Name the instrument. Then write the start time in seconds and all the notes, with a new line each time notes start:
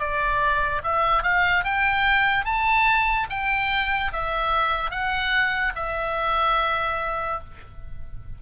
oboe
0.00 D5
0.84 E5
1.23 F5
1.64 G5
2.45 A5
3.30 G5
4.13 E5
4.91 F#5
5.76 E5